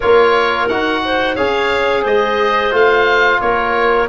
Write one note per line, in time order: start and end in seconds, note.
0.00 0.69 A#3
0.00 0.69 F4
0.00 1.02 A#4
0.00 0.68 C#5
0.68 1.37 D#4
0.68 1.37 F#4
0.68 1.35 F#5
1.04 1.35 C5
1.35 2.04 C#4
1.35 2.71 G#4
1.35 2.02 C#5
1.35 2.04 F5
2.02 2.72 G#3
2.02 3.38 C5
2.02 2.74 D#5
2.71 3.40 A3
2.71 4.07 F4
2.71 3.40 F5
3.40 4.09 A#3
3.40 4.09 A#4
3.40 4.09 C#5